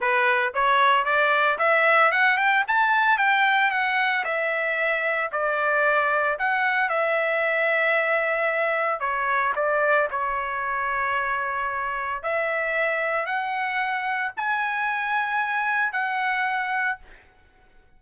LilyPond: \new Staff \with { instrumentName = "trumpet" } { \time 4/4 \tempo 4 = 113 b'4 cis''4 d''4 e''4 | fis''8 g''8 a''4 g''4 fis''4 | e''2 d''2 | fis''4 e''2.~ |
e''4 cis''4 d''4 cis''4~ | cis''2. e''4~ | e''4 fis''2 gis''4~ | gis''2 fis''2 | }